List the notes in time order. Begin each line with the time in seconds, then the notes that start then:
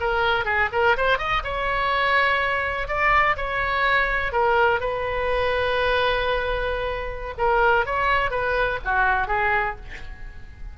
0.00 A#4
0.45 G#4
0.72 A#4
0.97 C5
1.18 D#5
1.43 C#5
2.87 D5
3.36 C#5
4.32 A#4
4.80 B4
7.38 A#4
7.85 C#5
8.30 B4
8.84 F#4
9.27 G#4